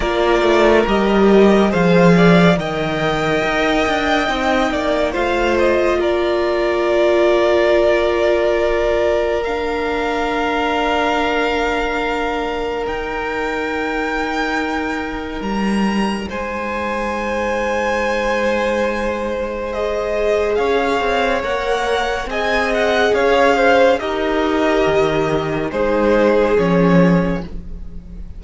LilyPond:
<<
  \new Staff \with { instrumentName = "violin" } { \time 4/4 \tempo 4 = 70 d''4 dis''4 f''4 g''4~ | g''2 f''8 dis''8 d''4~ | d''2. f''4~ | f''2. g''4~ |
g''2 ais''4 gis''4~ | gis''2. dis''4 | f''4 fis''4 gis''8 fis''8 f''4 | dis''2 c''4 cis''4 | }
  \new Staff \with { instrumentName = "violin" } { \time 4/4 ais'2 c''8 d''8 dis''4~ | dis''4. d''8 c''4 ais'4~ | ais'1~ | ais'1~ |
ais'2. c''4~ | c''1 | cis''2 dis''4 cis''8 c''8 | ais'2 gis'2 | }
  \new Staff \with { instrumentName = "viola" } { \time 4/4 f'4 g'4 gis'4 ais'4~ | ais'4 dis'4 f'2~ | f'2. d'4~ | d'2. dis'4~ |
dis'1~ | dis'2. gis'4~ | gis'4 ais'4 gis'2 | g'2 dis'4 cis'4 | }
  \new Staff \with { instrumentName = "cello" } { \time 4/4 ais8 a8 g4 f4 dis4 | dis'8 d'8 c'8 ais8 a4 ais4~ | ais1~ | ais2. dis'4~ |
dis'2 g4 gis4~ | gis1 | cis'8 c'8 ais4 c'4 cis'4 | dis'4 dis4 gis4 f4 | }
>>